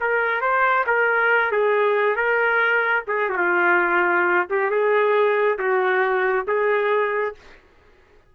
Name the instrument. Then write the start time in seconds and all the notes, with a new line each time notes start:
trumpet
0.00 A#4
0.41 C5
0.86 A#4
1.51 G#4
2.16 A#4
3.07 G#4
3.29 F#4
3.37 F4
4.49 G4
4.70 G#4
5.58 F#4
6.47 G#4